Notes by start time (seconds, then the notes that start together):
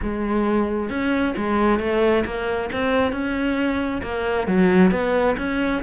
0.02 G#3
0.89 C#4
1.37 G#3
1.79 A3
2.25 A#3
2.72 C4
3.11 C#4
4.02 A#3
4.47 F#3
4.91 B3
5.37 C#4